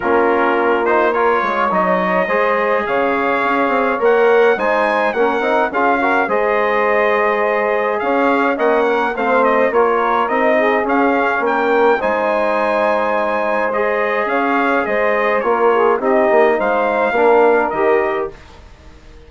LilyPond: <<
  \new Staff \with { instrumentName = "trumpet" } { \time 4/4 \tempo 4 = 105 ais'4. c''8 cis''4 dis''4~ | dis''4 f''2 fis''4 | gis''4 fis''4 f''4 dis''4~ | dis''2 f''4 fis''4 |
f''8 dis''8 cis''4 dis''4 f''4 | g''4 gis''2. | dis''4 f''4 dis''4 cis''4 | dis''4 f''2 dis''4 | }
  \new Staff \with { instrumentName = "saxophone" } { \time 4/4 f'2 ais'8 cis''4. | c''4 cis''2. | c''4 ais'4 gis'8 ais'8 c''4~ | c''2 cis''4 dis''8 ais'8 |
c''4 ais'4. gis'4. | ais'4 c''2.~ | c''4 cis''4 c''4 ais'8 gis'8 | g'4 c''4 ais'2 | }
  \new Staff \with { instrumentName = "trombone" } { \time 4/4 cis'4. dis'8 f'4 dis'4 | gis'2. ais'4 | dis'4 cis'8 dis'8 f'8 fis'8 gis'4~ | gis'2. cis'4 |
c'4 f'4 dis'4 cis'4~ | cis'4 dis'2. | gis'2. f'4 | dis'2 d'4 g'4 | }
  \new Staff \with { instrumentName = "bassoon" } { \time 4/4 ais2~ ais8 gis8 fis4 | gis4 cis4 cis'8 c'8 ais4 | gis4 ais8 c'8 cis'4 gis4~ | gis2 cis'4 ais4 |
a4 ais4 c'4 cis'4 | ais4 gis2.~ | gis4 cis'4 gis4 ais4 | c'8 ais8 gis4 ais4 dis4 | }
>>